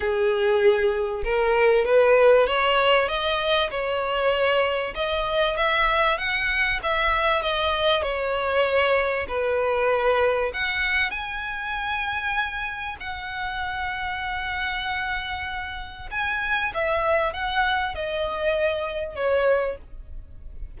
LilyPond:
\new Staff \with { instrumentName = "violin" } { \time 4/4 \tempo 4 = 97 gis'2 ais'4 b'4 | cis''4 dis''4 cis''2 | dis''4 e''4 fis''4 e''4 | dis''4 cis''2 b'4~ |
b'4 fis''4 gis''2~ | gis''4 fis''2.~ | fis''2 gis''4 e''4 | fis''4 dis''2 cis''4 | }